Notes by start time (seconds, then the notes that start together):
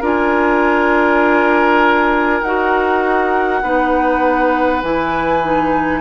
0.00 D4 F4 A#4
0.06 G#5
2.42 D#4 F#4 F#5
3.62 B3 D#4 B4
4.83 E3 E4 G#5
5.43 D#4